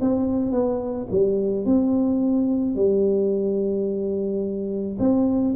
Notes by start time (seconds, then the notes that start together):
0.00 C4
0.51 B3
1.11 G3
1.65 C4
2.75 G3
4.98 C4